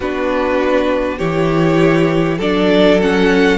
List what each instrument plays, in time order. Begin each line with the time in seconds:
0.00 cello B3, viola D4, violin F#4 B4
1.18 cello E3, viola E4, violin G4 C#5
2.38 cello F#3, viola D4, violin A4 D5
3.01 viola C#4, violin F#5